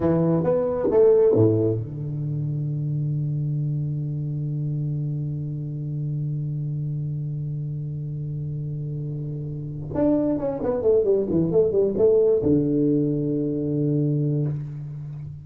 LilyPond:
\new Staff \with { instrumentName = "tuba" } { \time 4/4 \tempo 4 = 133 e4 b4 a4 a,4 | d1~ | d1~ | d1~ |
d1~ | d2 d'4 cis'8 b8 | a8 g8 e8 a8 g8 a4 d8~ | d1 | }